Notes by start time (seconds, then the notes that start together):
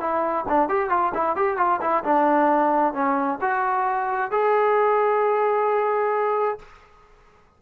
0.00 E4
0.49 D4
0.69 G4
0.90 F4
1.15 E4
1.36 G4
1.57 F4
1.81 E4
2.04 D4
2.94 C#4
3.41 F#4
4.32 G#4